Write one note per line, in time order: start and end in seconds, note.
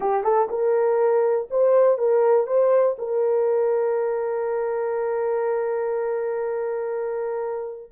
0.00 0.23 G4
0.23 0.48 A4
0.49 1.48 A#4
1.50 1.97 C5
1.97 2.46 A#4
2.46 2.96 C5
2.98 7.91 A#4